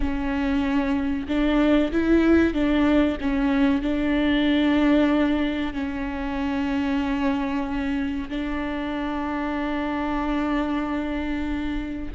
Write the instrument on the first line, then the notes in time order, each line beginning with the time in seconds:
viola
0.00 C#4
1.28 D4
1.91 E4
2.53 D4
3.21 C#4
3.82 D4
5.73 C#4
8.29 D4